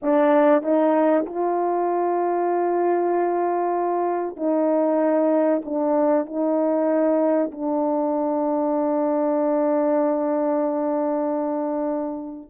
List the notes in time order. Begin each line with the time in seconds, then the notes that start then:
0.02 D4
0.62 D#4
1.26 F4
4.36 D#4
5.64 D4
6.26 D#4
7.51 D4